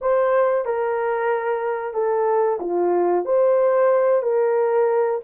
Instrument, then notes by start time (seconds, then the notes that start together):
horn
0.01 C5
0.65 A#4
1.93 A4
2.60 F4
3.25 C5
4.22 A#4